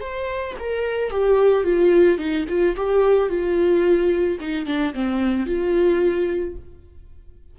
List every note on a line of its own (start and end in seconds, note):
0.00 0.55 C5
0.60 1.11 A#4
1.11 1.64 G4
1.64 2.18 F4
2.18 2.45 D#4
2.49 2.76 F4
2.76 3.29 G4
3.29 4.38 F4
4.40 4.66 D#4
4.66 4.93 D4
4.94 5.46 C4
5.46 6.55 F4